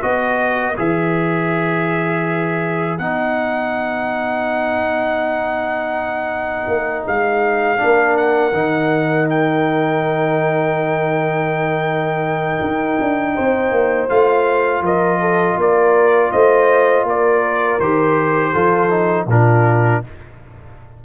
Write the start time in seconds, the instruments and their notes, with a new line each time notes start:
0.00 tuba B3, trombone F#4, horn B4, trumpet D#5
0.76 tuba E3, trombone G#4, trumpet E5
2.98 tuba B3, trombone D#4, trumpet F#5
6.68 tuba A#3
7.06 tuba G#3, trumpet F5
7.77 tuba A#3, trombone D4
7.84 horn A#4
8.17 trumpet F#5
8.53 tuba D#3, trombone D#4
9.29 trumpet G5
12.61 tuba D#4
13.00 tuba D4
13.34 tuba C4, horn C5
13.71 tuba A#3
14.09 tuba A3, trombone F4, trumpet F5
14.81 tuba F3, horn A#4, trumpet D#5
15.20 horn A4
15.57 tuba A#3, horn A#4, trumpet D5
16.31 tuba A3, horn C5, trumpet D#5
17.04 tuba A#3, horn A#4, trumpet D5
17.79 tuba D#3, trombone G4, trumpet C5
18.52 tuba F3, trombone F4, horn A4
18.89 trombone D#4
19.26 tuba A#2, trombone D4, horn F4, trumpet A#4